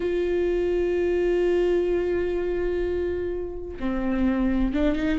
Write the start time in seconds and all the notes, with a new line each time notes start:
0.00 F4
3.79 C4
4.73 D4
4.95 D#4